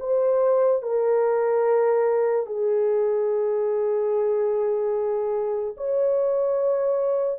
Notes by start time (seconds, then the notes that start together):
0.00 C5
0.83 A#4
2.46 G#4
5.77 C#5